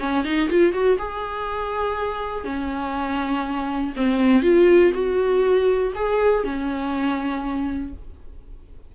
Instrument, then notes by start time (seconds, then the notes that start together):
viola
0.00 C#4
0.25 D#4
0.50 F4
0.73 F#4
0.99 G#4
2.45 C#4
3.97 C4
4.43 F4
4.94 F#4
5.95 G#4
6.44 C#4